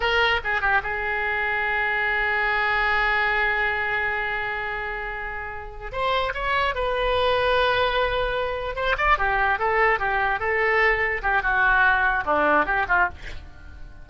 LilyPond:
\new Staff \with { instrumentName = "oboe" } { \time 4/4 \tempo 4 = 147 ais'4 gis'8 g'8 gis'2~ | gis'1~ | gis'1~ | gis'2~ gis'8 c''4 cis''8~ |
cis''8 b'2.~ b'8~ | b'4. c''8 d''8 g'4 a'8~ | a'8 g'4 a'2 g'8 | fis'2 d'4 g'8 f'8 | }